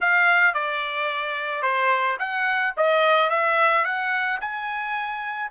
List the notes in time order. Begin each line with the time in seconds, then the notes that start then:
0.01 F5
0.54 D5
1.62 C5
2.19 F#5
2.76 D#5
3.30 E5
3.84 F#5
4.40 G#5